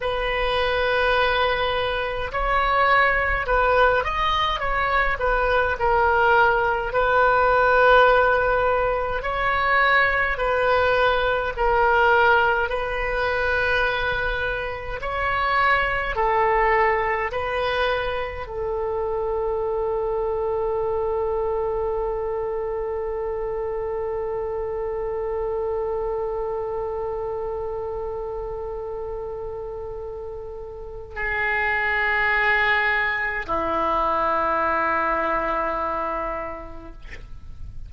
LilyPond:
\new Staff \with { instrumentName = "oboe" } { \time 4/4 \tempo 4 = 52 b'2 cis''4 b'8 dis''8 | cis''8 b'8 ais'4 b'2 | cis''4 b'4 ais'4 b'4~ | b'4 cis''4 a'4 b'4 |
a'1~ | a'1~ | a'2. gis'4~ | gis'4 e'2. | }